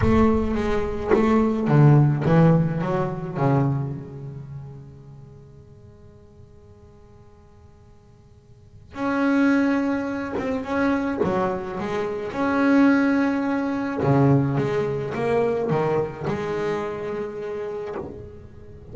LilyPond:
\new Staff \with { instrumentName = "double bass" } { \time 4/4 \tempo 4 = 107 a4 gis4 a4 d4 | e4 fis4 cis4 gis4~ | gis1~ | gis1 |
cis'2~ cis'8 c'8 cis'4 | fis4 gis4 cis'2~ | cis'4 cis4 gis4 ais4 | dis4 gis2. | }